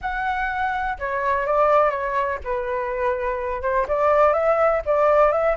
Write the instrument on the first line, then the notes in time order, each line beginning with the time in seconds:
flute
0.01 F#5
0.98 C#5
1.46 D5
1.90 C#5
2.43 B4
3.62 C5
3.88 D5
4.33 E5
4.85 D5
5.31 E5